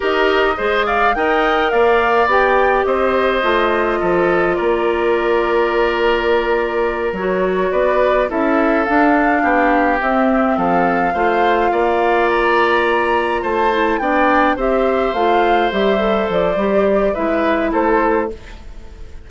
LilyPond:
<<
  \new Staff \with { instrumentName = "flute" } { \time 4/4 \tempo 4 = 105 dis''4. f''8 g''4 f''4 | g''4 dis''2. | d''1~ | d''8 cis''4 d''4 e''4 f''8~ |
f''4. e''4 f''4.~ | f''4. ais''2 a''8~ | a''8 g''4 e''4 f''4 e''8~ | e''8 d''4. e''4 c''4 | }
  \new Staff \with { instrumentName = "oboe" } { \time 4/4 ais'4 c''8 d''8 dis''4 d''4~ | d''4 c''2 a'4 | ais'1~ | ais'4. b'4 a'4.~ |
a'8 g'2 a'4 c''8~ | c''8 d''2. c''8~ | c''8 d''4 c''2~ c''8~ | c''2 b'4 a'4 | }
  \new Staff \with { instrumentName = "clarinet" } { \time 4/4 g'4 gis'4 ais'2 | g'2 f'2~ | f'1~ | f'8 fis'2 e'4 d'8~ |
d'4. c'2 f'8~ | f'1 | e'8 d'4 g'4 f'4 g'8 | a'4 g'4 e'2 | }
  \new Staff \with { instrumentName = "bassoon" } { \time 4/4 dis'4 gis4 dis'4 ais4 | b4 c'4 a4 f4 | ais1~ | ais8 fis4 b4 cis'4 d'8~ |
d'8 b4 c'4 f4 a8~ | a8 ais2. a8~ | a8 b4 c'4 a4 g8~ | g8 f8 g4 gis4 a4 | }
>>